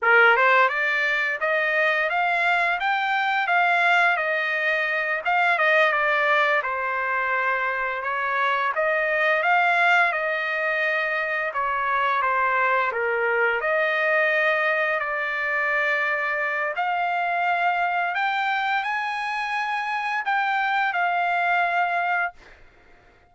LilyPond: \new Staff \with { instrumentName = "trumpet" } { \time 4/4 \tempo 4 = 86 ais'8 c''8 d''4 dis''4 f''4 | g''4 f''4 dis''4. f''8 | dis''8 d''4 c''2 cis''8~ | cis''8 dis''4 f''4 dis''4.~ |
dis''8 cis''4 c''4 ais'4 dis''8~ | dis''4. d''2~ d''8 | f''2 g''4 gis''4~ | gis''4 g''4 f''2 | }